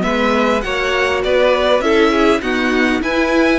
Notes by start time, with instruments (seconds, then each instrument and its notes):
0.00 cello G#3, viola B3, violin B4 E5
0.61 cello A#3, viola F#4, violin C#5 F#5
1.24 cello B3, violin B4 D5
1.81 cello C#4, viola E4, violin A4 E5
2.12 violin G#4
2.41 viola B3, cello D#4, violin F#4 F#5
3.01 viola E4, cello E4, violin B4 G#5